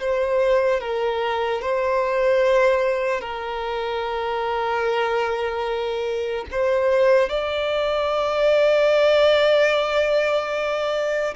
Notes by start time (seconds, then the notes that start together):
0.00 C5
0.80 A#4
1.61 C5
3.21 A#4
6.51 C5
7.29 D5